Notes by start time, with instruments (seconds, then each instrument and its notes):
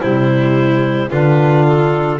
0.00 double bass C3, trombone G3, violin E4, clarinet C5
1.10 double bass D3, trombone D4, violin F4, clarinet B4
1.66 clarinet A4